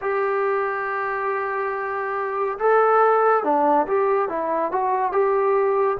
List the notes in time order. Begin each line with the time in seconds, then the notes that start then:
0.01 G4
2.58 A4
3.43 D4
3.87 G4
4.29 E4
4.71 F#4
5.12 G4